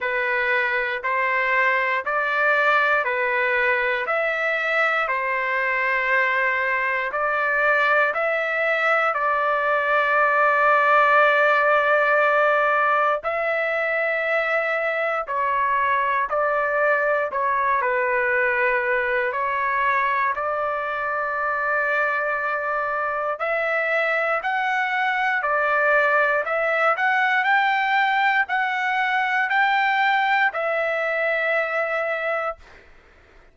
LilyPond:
\new Staff \with { instrumentName = "trumpet" } { \time 4/4 \tempo 4 = 59 b'4 c''4 d''4 b'4 | e''4 c''2 d''4 | e''4 d''2.~ | d''4 e''2 cis''4 |
d''4 cis''8 b'4. cis''4 | d''2. e''4 | fis''4 d''4 e''8 fis''8 g''4 | fis''4 g''4 e''2 | }